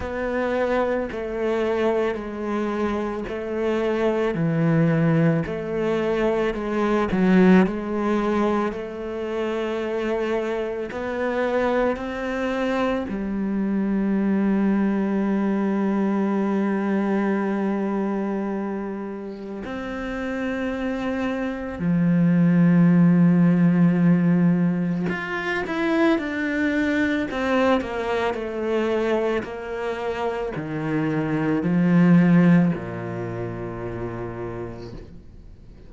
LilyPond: \new Staff \with { instrumentName = "cello" } { \time 4/4 \tempo 4 = 55 b4 a4 gis4 a4 | e4 a4 gis8 fis8 gis4 | a2 b4 c'4 | g1~ |
g2 c'2 | f2. f'8 e'8 | d'4 c'8 ais8 a4 ais4 | dis4 f4 ais,2 | }